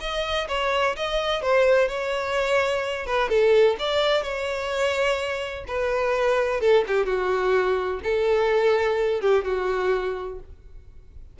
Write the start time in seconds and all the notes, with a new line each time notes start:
0.00 D#5
0.48 C#5
0.96 D#5
1.42 C5
1.88 C#5
3.06 B4
3.29 A4
3.79 D5
4.22 C#5
5.67 B4
6.61 A4
6.87 G4
7.05 F#4
8.03 A4
9.21 G4
9.44 F#4